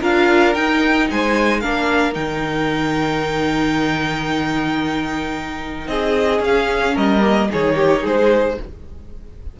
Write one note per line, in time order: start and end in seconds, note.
0.00 0.55 D4
0.00 0.54 F4
0.00 1.07 A#4
0.00 0.54 F5
0.54 1.61 D#4
0.54 1.09 D#4
0.54 1.07 G5
1.10 1.64 G#3
1.10 1.61 C5
1.10 1.60 G#5
1.60 2.15 A#3
1.60 2.13 D4
1.60 5.89 A#4
1.60 2.14 F5
2.13 5.87 D#3
2.13 6.42 D#4
2.13 5.87 G5
5.87 6.40 C4
5.87 6.94 G#4
5.87 6.41 D#5
6.40 6.93 C#4
6.40 7.20 C#4
6.40 6.97 F5
6.94 7.50 G3
6.94 7.48 A#4
6.94 7.50 D#5
7.20 7.47 A#3
7.51 8.03 D#3
7.51 8.58 D#4
7.51 7.75 G#4
7.51 8.06 C#5
7.75 8.01 G4
8.01 8.57 G#3
8.01 8.55 G#4
8.01 8.59 C5